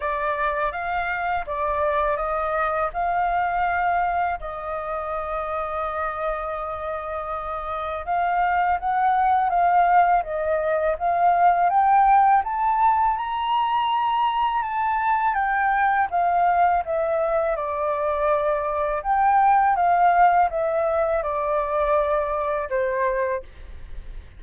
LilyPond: \new Staff \with { instrumentName = "flute" } { \time 4/4 \tempo 4 = 82 d''4 f''4 d''4 dis''4 | f''2 dis''2~ | dis''2. f''4 | fis''4 f''4 dis''4 f''4 |
g''4 a''4 ais''2 | a''4 g''4 f''4 e''4 | d''2 g''4 f''4 | e''4 d''2 c''4 | }